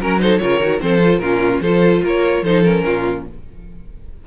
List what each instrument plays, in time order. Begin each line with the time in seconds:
0.00 cello F#3, viola C#4, violin A#4
0.20 viola D#4, violin A4 C5
0.38 cello C#3, viola F4, violin A#4 C#5
0.61 cello D#3, viola F#4
0.80 cello F3, viola C4, violin A4 C5
1.03 viola F4
1.18 cello A#2, viola C#4, violin F4 A#4
1.60 cello F3, viola F4, violin A4 C5
2.04 cello A#3, violin A#4 C#5
2.42 cello F3, viola D#4, violin A4 C5
2.63 viola C#4, violin A#4
2.86 cello A#2, violin F4